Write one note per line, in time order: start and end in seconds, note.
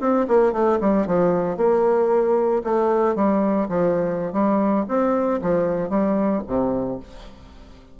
0.00 0.26 C4
0.28 0.52 A#3
0.52 0.79 A3
0.80 1.06 G3
1.06 1.57 F3
1.57 2.62 A#3
2.64 3.15 A3
3.15 3.68 G3
3.68 4.32 F3
4.32 4.85 G3
4.88 5.40 C4
5.41 5.89 F3
5.89 6.42 G3
6.47 6.99 C3